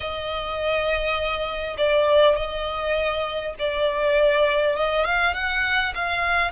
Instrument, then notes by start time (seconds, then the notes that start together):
violin
0.00 D#5
1.77 D5
2.35 D#5
3.58 D5
4.76 D#5
5.05 F5
5.34 F#5
5.95 F5